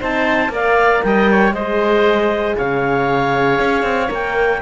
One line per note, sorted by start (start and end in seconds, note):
0.00 0.49 C4
0.00 0.51 D#4
0.00 0.52 C5
0.00 0.54 A5
0.49 1.01 A#3
0.49 1.55 A#4
0.49 1.05 D5
0.49 1.04 F5
1.04 1.53 G3
1.04 1.31 D#5
1.04 1.54 G5
1.31 1.55 C#5
1.53 2.55 G#3
1.53 4.09 G#4
1.53 2.57 C5
1.53 2.57 D#5
2.57 3.60 C#3
2.57 4.62 C#5
2.57 4.11 F5
3.60 3.83 C#4
3.83 4.09 C4
4.09 4.62 A#3
4.09 4.60 A#4
4.09 4.62 G5